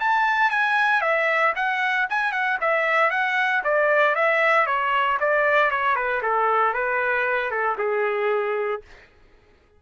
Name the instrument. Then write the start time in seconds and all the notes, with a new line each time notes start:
trumpet
0.00 A5
0.50 G#5
1.01 E5
1.55 F#5
2.09 G#5
2.32 F#5
2.61 E5
3.11 F#5
3.64 D5
4.15 E5
4.66 C#5
5.20 D5
5.71 C#5
5.96 B4
6.22 A4
6.73 B4
7.51 A4
7.78 G#4